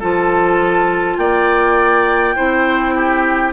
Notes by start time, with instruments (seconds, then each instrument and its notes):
0.00 bassoon F3, clarinet F4, oboe A4, flute A5
1.18 bassoon A#3, oboe D5, flute G5
2.36 bassoon C4, clarinet E4, oboe C5
2.95 oboe G4